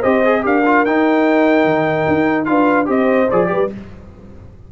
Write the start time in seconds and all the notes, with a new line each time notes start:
0.00 C4 G4 C5 D#5
0.25 G#4
0.41 D4 G4 A#4 F5
0.66 F4
0.85 D#4 G5
1.65 D#3
2.08 D#4
2.45 D4 F4 B4 F5
2.86 C4 G4 C5 D#5
3.31 F3 G#4 D5
3.46 G3 G4 B4